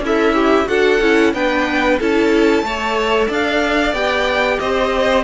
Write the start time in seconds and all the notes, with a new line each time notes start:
0.00 C#4 E4 A4 E5
0.34 G4
0.66 D4 F#4 A4 F#5
1.01 C#4 E4
1.33 B3 D4 B4 G5
1.99 C#4 E4 A4 A5
2.62 A3 A4 C#5
3.28 D4 D5 F5
3.93 B3 G4 G5
4.59 C4 C5 D#5